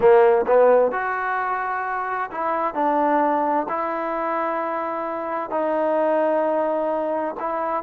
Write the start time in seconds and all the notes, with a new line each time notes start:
0.00 A#3
0.47 B3
0.91 F#4
2.30 E4
2.74 D4
3.68 E4
5.50 D#4
7.39 E4